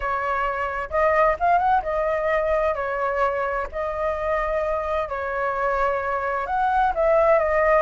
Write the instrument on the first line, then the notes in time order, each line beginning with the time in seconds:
flute
0.00 C#5
0.90 D#5
1.39 F5
1.58 F#5
1.82 D#5
2.74 C#5
3.72 D#5
5.08 C#5
6.46 F#5
6.94 E5
7.38 D#5